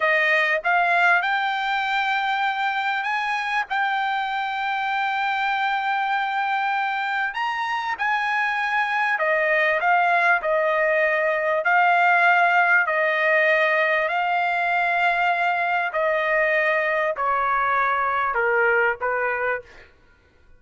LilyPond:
\new Staff \with { instrumentName = "trumpet" } { \time 4/4 \tempo 4 = 98 dis''4 f''4 g''2~ | g''4 gis''4 g''2~ | g''1 | ais''4 gis''2 dis''4 |
f''4 dis''2 f''4~ | f''4 dis''2 f''4~ | f''2 dis''2 | cis''2 ais'4 b'4 | }